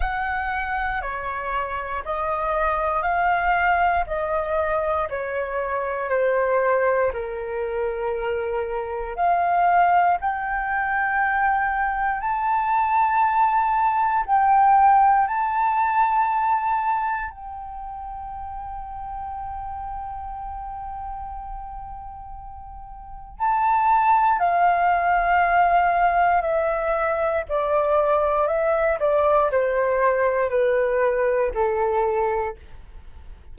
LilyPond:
\new Staff \with { instrumentName = "flute" } { \time 4/4 \tempo 4 = 59 fis''4 cis''4 dis''4 f''4 | dis''4 cis''4 c''4 ais'4~ | ais'4 f''4 g''2 | a''2 g''4 a''4~ |
a''4 g''2.~ | g''2. a''4 | f''2 e''4 d''4 | e''8 d''8 c''4 b'4 a'4 | }